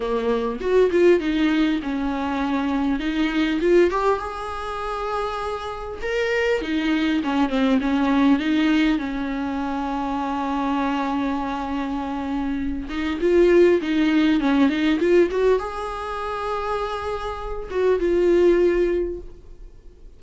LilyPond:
\new Staff \with { instrumentName = "viola" } { \time 4/4 \tempo 4 = 100 ais4 fis'8 f'8 dis'4 cis'4~ | cis'4 dis'4 f'8 g'8 gis'4~ | gis'2 ais'4 dis'4 | cis'8 c'8 cis'4 dis'4 cis'4~ |
cis'1~ | cis'4. dis'8 f'4 dis'4 | cis'8 dis'8 f'8 fis'8 gis'2~ | gis'4. fis'8 f'2 | }